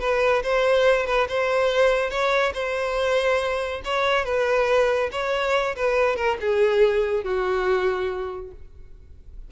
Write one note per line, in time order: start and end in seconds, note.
0.00 0.43 B4
0.43 1.06 C5
1.06 1.27 B4
1.29 2.10 C5
2.10 2.53 C#5
2.54 3.81 C5
3.85 4.25 C#5
4.25 5.10 B4
5.12 5.75 C#5
5.76 6.16 B4
6.16 6.37 A#4
6.41 7.24 G#4
7.24 8.51 F#4